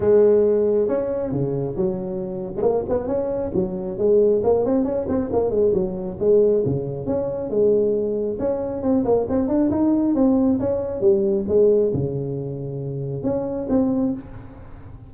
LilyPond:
\new Staff \with { instrumentName = "tuba" } { \time 4/4 \tempo 4 = 136 gis2 cis'4 cis4 | fis4.~ fis16 gis16 ais8 b8 cis'4 | fis4 gis4 ais8 c'8 cis'8 c'8 | ais8 gis8 fis4 gis4 cis4 |
cis'4 gis2 cis'4 | c'8 ais8 c'8 d'8 dis'4 c'4 | cis'4 g4 gis4 cis4~ | cis2 cis'4 c'4 | }